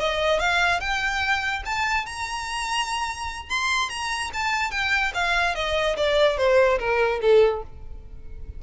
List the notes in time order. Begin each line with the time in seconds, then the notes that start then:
0.00 D#5
0.40 F5
0.81 G5
1.66 A5
2.06 A#5
3.50 C6
3.90 A#5
4.34 A5
4.71 G5
5.15 F5
5.56 D#5
5.97 D5
6.38 C5
6.80 A#4
7.22 A4